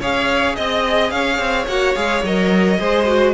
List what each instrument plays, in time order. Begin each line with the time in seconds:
0.00 cello C#4, viola G#4, violin C#5 F5
0.55 cello C4, violin D#5
1.10 cello C#4, violin C#5 F5
1.39 cello C4
1.67 cello A#3, viola F#4, violin F#5
1.95 cello G#3, viola G#4, violin F5
2.23 cello F#3, viola A#4, violin D#5
2.79 cello G#3, viola G#4, violin C5
3.07 viola F#4